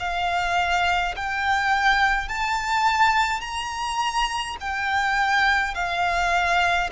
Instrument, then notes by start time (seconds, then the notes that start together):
violin
0.00 F5
1.16 G5
2.29 A5
3.41 A#5
4.61 G5
5.75 F5